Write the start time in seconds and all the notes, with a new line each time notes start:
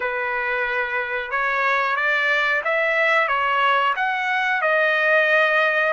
0.00 B4
1.30 C#5
1.96 D5
2.64 E5
3.28 C#5
3.96 F#5
4.61 D#5